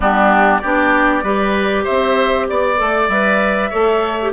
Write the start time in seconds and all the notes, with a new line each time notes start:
0.00 G3 B3 D4 G4
0.59 B3 D4 G4 D5
1.23 G3 G4 B4
1.84 C4 C5 E5
2.48 B3 D5
2.77 A3 A4
3.08 G3 B4 E5
3.70 A3 A4 C#5
4.21 G4